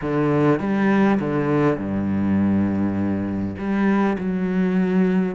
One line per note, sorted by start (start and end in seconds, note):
0.01 0.59 D3
0.59 1.19 G3
1.20 1.77 D3
1.77 3.55 G2
3.58 4.17 G3
4.18 5.35 F#3